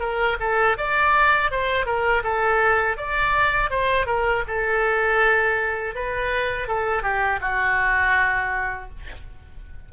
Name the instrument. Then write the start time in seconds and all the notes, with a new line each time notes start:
oboe
0.00 A#4
0.40 A4
0.77 D5
1.51 C5
1.86 A#4
2.24 A4
2.97 D5
3.70 C5
4.06 A#4
4.47 A4
5.95 B4
6.68 A4
7.03 G4
7.41 F#4